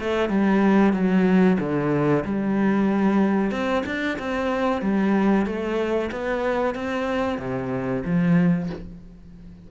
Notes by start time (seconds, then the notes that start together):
0.00 A3
0.29 G3
0.93 F#3
1.60 D3
2.25 G3
3.51 C4
3.86 D4
4.19 C4
4.82 G3
5.46 A3
6.12 B3
6.75 C4
7.38 C3
8.05 F3